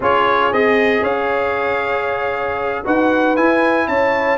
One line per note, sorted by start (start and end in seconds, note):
0.00 0.52 C#4
0.00 0.53 F4
0.00 1.02 G#4
0.00 0.53 C#5
0.52 1.01 C4
0.52 2.84 G#4
0.52 1.04 D#5
1.01 2.82 C#4
1.01 2.83 C#5
1.01 2.85 F5
2.84 3.37 D#4
2.84 3.36 F#4
2.84 3.87 B4
2.84 3.36 F#5
3.36 4.37 E4
3.36 3.88 E4
3.36 3.87 G#5
3.87 4.37 C#4
3.87 4.37 C#5
3.87 4.37 A5